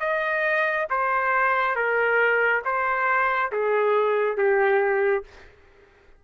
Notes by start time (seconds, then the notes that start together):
0.00 D#5
0.90 C5
1.75 A#4
2.64 C5
3.52 G#4
4.37 G4